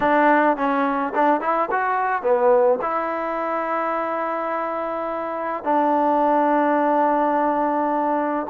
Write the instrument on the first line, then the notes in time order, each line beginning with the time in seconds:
trombone
0.00 D4
0.56 C#4
1.14 D4
1.40 E4
1.71 F#4
2.22 B3
2.81 E4
5.63 D4